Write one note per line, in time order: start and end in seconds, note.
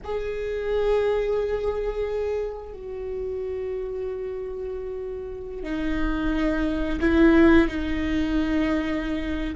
0.04 2.73 G#4
2.73 5.62 F#4
5.63 6.99 D#4
7.00 7.67 E4
7.67 9.55 D#4